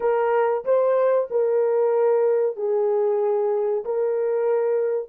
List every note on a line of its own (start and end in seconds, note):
0.00 0.64 A#4
0.64 1.28 C5
1.30 2.56 A#4
2.56 3.84 G#4
3.85 5.08 A#4